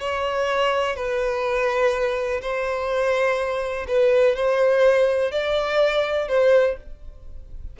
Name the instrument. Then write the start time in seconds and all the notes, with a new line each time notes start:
violin
0.00 C#5
0.96 B4
2.42 C5
3.88 B4
4.36 C5
5.32 D5
6.28 C5